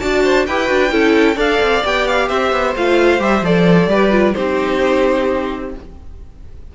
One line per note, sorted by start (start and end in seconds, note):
0.00 0.48 D4
0.00 0.47 F#4
0.00 0.23 D5
0.00 0.46 A5
0.24 0.47 C5
0.47 0.70 E4
0.47 0.66 G4
0.47 0.92 B4
0.47 1.38 G5
0.66 0.92 D4
0.66 0.89 F#4
0.92 1.37 C#4
0.92 1.36 E4
0.92 1.37 A4
1.36 1.60 D4
1.36 1.82 A4
1.36 2.28 D5
1.36 1.86 F5
1.61 1.84 C4
1.85 2.30 B3
1.85 2.76 G4
1.85 2.08 G5
2.08 2.29 F5
2.29 2.52 C4
2.29 3.90 C5
2.29 2.75 E5
2.52 2.75 B3
2.76 3.20 A3
2.76 3.20 F4
2.76 3.23 F5
3.20 3.42 G3
3.20 3.43 G4
3.20 3.46 E5
3.42 3.88 F3
3.42 3.90 A4
3.42 4.34 D5
3.88 4.34 G3
3.88 4.11 G4
3.88 4.36 B4
4.11 4.34 F4
4.34 5.75 C4
4.34 5.75 D#4
4.34 5.73 G4
4.34 5.71 C5